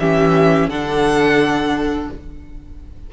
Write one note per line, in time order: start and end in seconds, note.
0.00 0.68 E3
0.00 0.71 C#4
0.00 0.70 G4
0.00 0.70 E5
0.68 2.09 D3
0.68 2.14 D4
0.68 2.11 A4
0.68 2.11 F#5